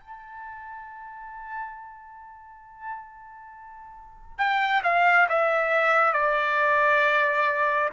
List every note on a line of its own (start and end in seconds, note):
0.00 4.38 A5
4.38 4.82 G5
4.83 5.27 F5
5.29 6.13 E5
6.13 7.89 D5